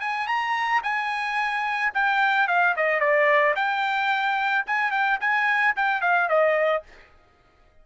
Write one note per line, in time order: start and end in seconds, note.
0.00 0.27 G#5
0.27 0.82 A#5
0.84 1.93 G#5
1.94 2.48 G5
2.48 2.75 F5
2.77 3.00 D#5
3.00 3.55 D5
3.56 4.65 G5
4.67 4.92 G#5
4.92 5.19 G5
5.21 5.75 G#5
5.76 6.01 G5
6.01 6.29 F5
6.29 6.83 D#5